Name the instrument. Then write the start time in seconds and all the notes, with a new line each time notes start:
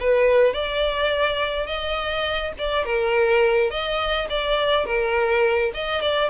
violin
0.00 B4
0.53 D5
1.66 D#5
2.58 D5
2.85 A#4
3.71 D#5
4.30 D5
4.86 A#4
5.74 D#5
6.01 D5